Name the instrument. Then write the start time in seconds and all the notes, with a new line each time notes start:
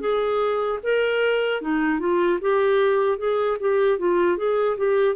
clarinet
0.00 G#4
0.83 A#4
1.61 D#4
2.00 F4
2.41 G4
3.18 G#4
3.60 G4
3.99 F4
4.37 G#4
4.77 G4